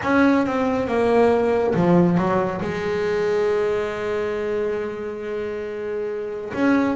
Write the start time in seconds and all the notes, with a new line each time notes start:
0.02 C#4
0.46 C4
0.87 A#3
1.74 F3
2.17 F#3
2.61 G#3
6.53 C#4